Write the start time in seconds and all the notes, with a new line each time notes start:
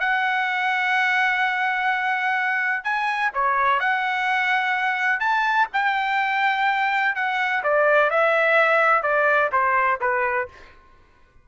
0.00 F#5
2.84 G#5
3.34 C#5
3.80 F#5
5.20 A5
5.73 G5
7.16 F#5
7.63 D5
8.10 E5
9.03 D5
9.52 C5
10.01 B4